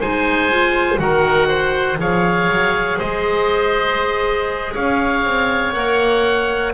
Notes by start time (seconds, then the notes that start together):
0.00 G#3 D#4 C5 G#5
0.51 F4
0.97 D#3 F#4 A#4 F#5
1.49 C5
1.99 F3 G#4 C#5 F5
2.49 F#3
2.98 G#3 C5 D#5
4.74 C#4 C#5 F5
5.26 C4
5.73 A#3 A#4 F#5